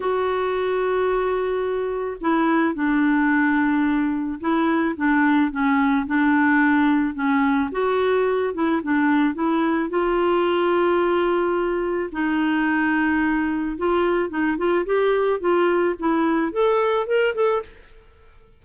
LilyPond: \new Staff \with { instrumentName = "clarinet" } { \time 4/4 \tempo 4 = 109 fis'1 | e'4 d'2. | e'4 d'4 cis'4 d'4~ | d'4 cis'4 fis'4. e'8 |
d'4 e'4 f'2~ | f'2 dis'2~ | dis'4 f'4 dis'8 f'8 g'4 | f'4 e'4 a'4 ais'8 a'8 | }